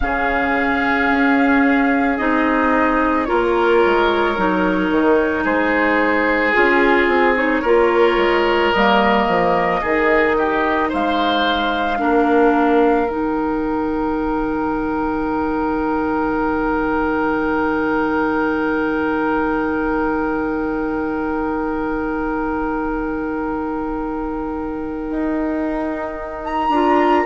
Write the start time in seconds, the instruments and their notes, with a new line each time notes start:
0.00 bassoon C#3, clarinet C#4, oboe G#4, flute F5
1.10 bassoon C#4
2.17 bassoon C4, clarinet D#4, flute D#5
3.25 bassoon A#3, clarinet F4, oboe A#4, flute C#5
3.85 bassoon G#3
4.37 bassoon F#3, clarinet D#4
4.90 bassoon D#3
5.43 bassoon G#3, oboe G#4, flute C5
6.53 bassoon C#4, clarinet F4, flute G#4
7.07 bassoon C4
7.35 clarinet D#4, flute C#5
7.61 bassoon A#3, clarinet F4, oboe A#4
8.17 bassoon G#3
8.72 bassoon G3, clarinet A#3, flute D#5
9.27 bassoon F3
9.81 bassoon D#3, clarinet D#4, oboe G#4
10.37 oboe G4
10.88 bassoon G#3, oboe C5, flute F5
11.97 bassoon A#3, clarinet D4, oboe A#4
13.08 bassoon D#3, clarinet D#4, flute G5
25.09 bassoon D#4
26.45 flute A#5
26.69 bassoon D4, clarinet F4